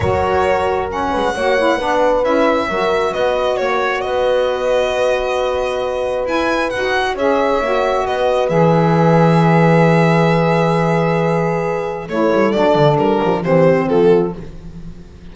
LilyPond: <<
  \new Staff \with { instrumentName = "violin" } { \time 4/4 \tempo 4 = 134 cis''2 fis''2~ | fis''4 e''2 dis''4 | cis''4 dis''2.~ | dis''2 gis''4 fis''4 |
e''2 dis''4 e''4~ | e''1~ | e''2. cis''4 | d''4 ais'4 c''4 a'4 | }
  \new Staff \with { instrumentName = "horn" } { \time 4/4 ais'2~ ais'8 b'8 cis''4 | b'2 ais'4 b'4 | cis''4 b'2.~ | b'1 |
cis''2 b'2~ | b'1~ | b'2. a'4~ | a'4. g'16 f'16 g'4 f'4 | }
  \new Staff \with { instrumentName = "saxophone" } { \time 4/4 fis'2 cis'4 fis'8 e'8 | d'4 e'4 fis'2~ | fis'1~ | fis'2 e'4 fis'4 |
gis'4 fis'2 gis'4~ | gis'1~ | gis'2. e'4 | d'2 c'2 | }
  \new Staff \with { instrumentName = "double bass" } { \time 4/4 fis2~ fis8 gis8 ais4 | b4 cis'4 fis4 b4 | ais4 b2.~ | b2 e'4 dis'4 |
cis'4 ais4 b4 e4~ | e1~ | e2. a8 g8 | fis8 d8 g8 f8 e4 f4 | }
>>